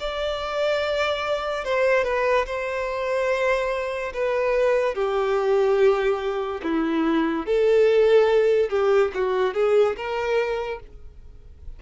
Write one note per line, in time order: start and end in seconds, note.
0.00 1.64 D5
1.64 2.04 C5
2.04 2.45 B4
2.46 4.13 C5
4.14 4.95 B4
4.95 6.61 G4
6.63 7.46 E4
7.46 8.70 A4
8.70 9.11 G4
9.14 9.54 F#4
9.54 9.96 G#4
9.96 10.80 A#4